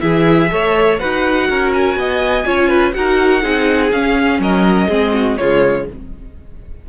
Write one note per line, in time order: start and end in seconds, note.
0.00 0.50 E3
0.00 0.49 E4
0.00 0.51 G#4
0.00 0.98 E5
0.50 1.01 A3
0.50 0.98 A4
0.50 0.99 C#5
0.98 1.49 D#4
0.98 2.44 F#4
0.98 1.48 B4
0.98 1.71 F#5
1.49 1.96 C#4
1.49 1.98 A#4
1.73 2.93 G#5
1.96 2.45 B3
1.96 2.46 D#5
2.44 2.95 C#4
2.44 2.93 F4
2.44 2.68 C#5
2.68 2.93 B4
2.93 3.43 D#4
2.93 3.42 F#4
2.93 3.42 A#4
2.93 3.90 F#5
3.42 3.92 C4
3.42 3.91 D#4
3.42 4.40 G#4
3.92 4.39 C#4
3.92 4.89 C#4
3.92 4.41 F5
4.39 4.87 F#3
4.39 4.88 A#4
4.39 5.37 D#5
4.88 5.38 G#3
4.88 5.38 C4
4.88 5.12 G#4
5.13 5.37 F#4
5.37 5.89 C#3
5.37 5.89 G#3
5.37 5.88 F4
5.37 5.86 C#5